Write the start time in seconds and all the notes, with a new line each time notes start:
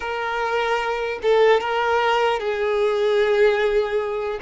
0.00 A#4
1.22 A4
1.60 A#4
2.39 G#4